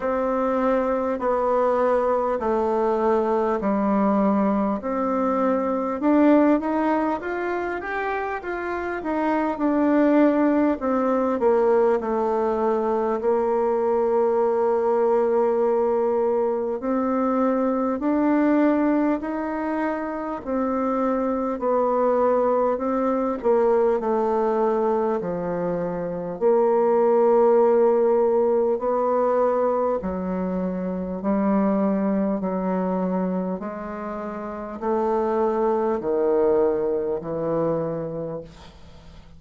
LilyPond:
\new Staff \with { instrumentName = "bassoon" } { \time 4/4 \tempo 4 = 50 c'4 b4 a4 g4 | c'4 d'8 dis'8 f'8 g'8 f'8 dis'8 | d'4 c'8 ais8 a4 ais4~ | ais2 c'4 d'4 |
dis'4 c'4 b4 c'8 ais8 | a4 f4 ais2 | b4 fis4 g4 fis4 | gis4 a4 dis4 e4 | }